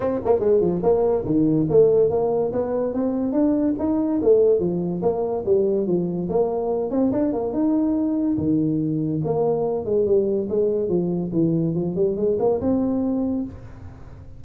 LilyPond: \new Staff \with { instrumentName = "tuba" } { \time 4/4 \tempo 4 = 143 c'8 ais8 gis8 f8 ais4 dis4 | a4 ais4 b4 c'4 | d'4 dis'4 a4 f4 | ais4 g4 f4 ais4~ |
ais8 c'8 d'8 ais8 dis'2 | dis2 ais4. gis8 | g4 gis4 f4 e4 | f8 g8 gis8 ais8 c'2 | }